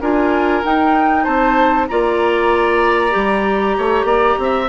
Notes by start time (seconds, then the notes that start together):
0.00 D4 F4 A#4 G#5
0.63 D#4 G5
1.23 C4 C5 A5
1.88 A#3 F4 D5 A#5
3.10 G3 G4
3.77 A3 C#5
4.04 A#3 D5
4.38 C4 E5